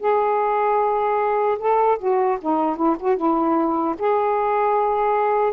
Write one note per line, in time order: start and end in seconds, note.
0.00 1.58 G#4
1.59 1.98 A4
1.99 2.38 F#4
2.41 2.76 D#4
2.76 2.96 E4
2.99 3.17 F#4
3.17 3.95 E4
3.99 5.53 G#4